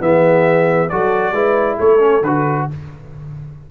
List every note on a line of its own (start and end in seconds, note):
0.00 0.88 E3
0.00 0.88 B3
0.00 0.91 G#4
0.00 0.89 E5
0.89 1.32 F#3
0.89 1.34 F#4
0.89 1.33 A4
0.89 1.77 D5
1.32 1.76 G#3
1.32 1.99 E4
1.32 1.77 B4
1.77 2.22 A3
1.77 2.65 A4
1.77 2.23 C#5
1.99 2.21 C#4
2.22 2.66 D3
2.22 2.70 F#4
2.22 2.67 B4